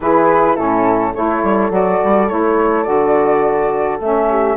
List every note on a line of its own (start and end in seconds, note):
0.00 0.55 E3
0.00 0.56 E4
0.00 0.54 G#4
0.00 0.55 B4
0.54 1.14 A2
0.54 1.13 C#4
0.54 1.11 E4
0.54 1.13 A4
1.14 1.43 A3
1.14 1.70 E4
1.14 4.28 A4
1.14 1.71 C#5
1.43 1.70 G3
1.70 1.99 F#3
1.70 2.27 F#4
1.70 2.28 D5
2.03 2.31 G3
2.28 2.86 A3
2.28 2.84 E4
2.28 2.83 C#5
2.83 4.00 D3
2.83 3.98 F#4
2.83 3.97 D5
4.00 4.56 A3
4.00 4.56 C#4
4.00 4.56 E5
4.29 4.56 G4